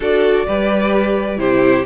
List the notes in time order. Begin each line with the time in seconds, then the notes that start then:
0.00 D4 F#4 A4 D5
0.46 G3 G4 B4
1.37 C3 E4 G4 C5